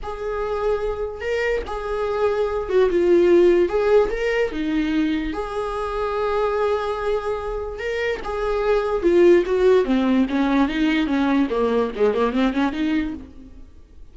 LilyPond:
\new Staff \with { instrumentName = "viola" } { \time 4/4 \tempo 4 = 146 gis'2. ais'4 | gis'2~ gis'8 fis'8 f'4~ | f'4 gis'4 ais'4 dis'4~ | dis'4 gis'2.~ |
gis'2. ais'4 | gis'2 f'4 fis'4 | c'4 cis'4 dis'4 cis'4 | ais4 gis8 ais8 c'8 cis'8 dis'4 | }